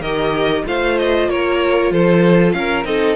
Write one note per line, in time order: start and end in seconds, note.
0.00 0.63 D#3
0.00 0.65 G4
0.00 0.63 A#4
0.00 0.64 D#5
0.65 1.28 A3
0.65 2.84 F4
0.65 1.29 C5
0.65 0.98 F5
0.98 1.29 D#5
1.28 1.90 A#3
1.28 1.92 A#4
1.28 1.92 C#5
1.90 2.53 F3
1.90 2.55 A4
1.90 2.52 C5
2.52 2.84 C#4
2.52 2.83 F5
2.58 2.87 A#4
2.84 3.16 C4
2.84 3.16 D#4
2.84 3.16 A4
2.84 3.16 D#5